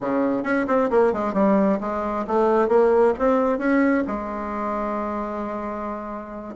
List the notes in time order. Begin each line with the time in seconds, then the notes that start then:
0.00 C#3
0.43 C#4
0.67 C4
0.90 A#3
1.12 G#3
1.33 G3
1.80 G#3
2.27 A3
2.68 A#3
3.18 C4
3.58 C#4
4.07 G#3